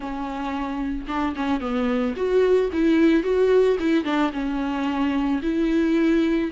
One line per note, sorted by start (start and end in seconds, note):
0.00 1.06 C#4
1.07 1.34 D4
1.35 1.60 C#4
1.60 2.14 B3
2.16 2.70 F#4
2.72 3.23 E4
3.23 3.77 F#4
3.79 4.04 E4
4.04 4.31 D4
4.32 5.41 C#4
5.42 6.50 E4